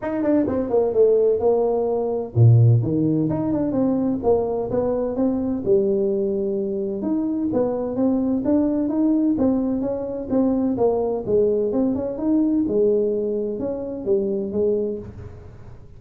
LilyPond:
\new Staff \with { instrumentName = "tuba" } { \time 4/4 \tempo 4 = 128 dis'8 d'8 c'8 ais8 a4 ais4~ | ais4 ais,4 dis4 dis'8 d'8 | c'4 ais4 b4 c'4 | g2. dis'4 |
b4 c'4 d'4 dis'4 | c'4 cis'4 c'4 ais4 | gis4 c'8 cis'8 dis'4 gis4~ | gis4 cis'4 g4 gis4 | }